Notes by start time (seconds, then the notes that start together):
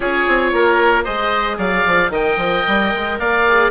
0.00 C#4 F4 G#4 C#5
0.28 C4
0.52 A#3 A#4
1.03 G#3 G#4 C5 D#5
1.57 F#3 D5 F5
1.86 F3
2.10 D#3 A#4 D#5 G5
2.37 F3
2.67 G3
2.94 G#3
3.19 A#3 D5 F5
3.47 G#4